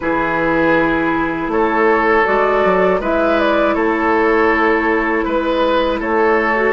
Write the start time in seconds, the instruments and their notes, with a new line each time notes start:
0.00 bassoon E3, clarinet E4, oboe G#4, flute B4
1.47 bassoon A3, oboe A4, flute C#5
2.25 bassoon G#3, clarinet F#4, flute D5
2.64 bassoon F#3
3.00 bassoon G#3, clarinet E4, oboe B4, flute E5
3.39 flute D5
3.74 bassoon A3, oboe A4, flute C#5
5.24 bassoon G#3, flute B4, oboe B4
5.99 bassoon A3, oboe A4, flute C#5
6.56 clarinet F#4